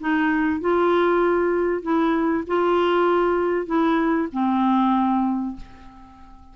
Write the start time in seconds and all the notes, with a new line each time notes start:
0.00 D#4
0.61 F4
1.82 E4
2.47 F4
3.66 E4
4.32 C4